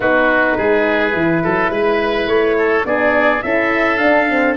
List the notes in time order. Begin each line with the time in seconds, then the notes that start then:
0.00 B3 D#4 F#4 B4
0.57 G#3 G#4
1.12 E3 E4
1.43 F#3 A4
1.70 G#3 B4
2.27 A3 C#5
2.57 A4
2.84 B3 D4 G#4 D5
3.42 C#4 E4 A4 E5
3.97 D4 F5
4.29 C4